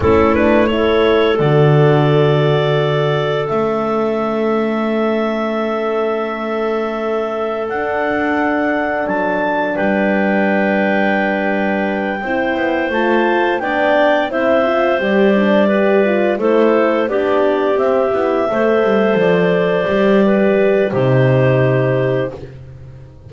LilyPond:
<<
  \new Staff \with { instrumentName = "clarinet" } { \time 4/4 \tempo 4 = 86 a'8 b'8 cis''4 d''2~ | d''4 e''2.~ | e''2. fis''4~ | fis''4 a''4 g''2~ |
g''2~ g''8 a''4 g''8~ | g''8 e''4 d''2 c''8~ | c''8 d''4 e''2 d''8~ | d''2 c''2 | }
  \new Staff \with { instrumentName = "clarinet" } { \time 4/4 e'4 a'2.~ | a'1~ | a'1~ | a'2 b'2~ |
b'4. c''2 d''8~ | d''8 c''2 b'4 a'8~ | a'8 g'2 c''4.~ | c''4 b'4 g'2 | }
  \new Staff \with { instrumentName = "horn" } { \time 4/4 cis'8 d'8 e'4 fis'2~ | fis'4 cis'2.~ | cis'2. d'4~ | d'1~ |
d'4. e'4 f'4 d'8~ | d'8 e'8 f'8 g'8 d'8 g'8 f'8 e'8~ | e'8 d'4 c'8 e'8 a'4.~ | a'8 g'4. dis'2 | }
  \new Staff \with { instrumentName = "double bass" } { \time 4/4 a2 d2~ | d4 a2.~ | a2. d'4~ | d'4 fis4 g2~ |
g4. c'8 b8 a4 b8~ | b8 c'4 g2 a8~ | a8 b4 c'8 b8 a8 g8 f8~ | f8 g4. c2 | }
>>